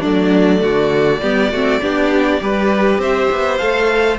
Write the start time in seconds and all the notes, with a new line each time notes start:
0.00 F#3 A3 D4 D5
0.61 D3 F#4
1.22 G3 B3 G4
1.51 A3 C4 F#4
1.81 B3 D4 G4
2.41 G3 G4 B4
2.98 C4 C5 E5
3.31 B3
3.57 A3 A4 F5